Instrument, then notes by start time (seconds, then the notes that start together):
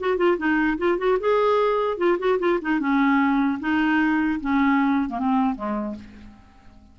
clarinet
0.00 F#4
0.17 F4
0.37 D#4
0.78 F4
0.98 F#4
1.20 G#4
1.98 F4
2.19 F#4
2.39 F4
2.61 D#4
2.79 C#4
3.60 D#4
4.41 C#4
5.09 A#3
5.19 C4
5.55 G#3